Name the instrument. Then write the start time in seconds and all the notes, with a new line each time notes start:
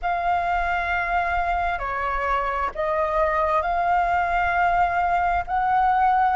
flute
0.02 F5
1.79 C#5
2.74 D#5
3.62 F5
5.47 F#5